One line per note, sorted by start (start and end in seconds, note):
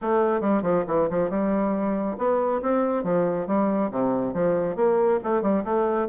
0.01 0.40 A3
0.40 0.62 G3
0.62 0.84 F3
0.87 1.08 E3
1.09 1.29 F3
1.29 2.16 G3
2.17 2.61 B3
2.62 3.03 C4
3.03 3.47 F3
3.47 3.90 G3
3.91 4.33 C3
4.33 4.75 F3
4.75 5.19 A#3
5.23 5.42 A3
5.42 5.63 G3
5.64 6.08 A3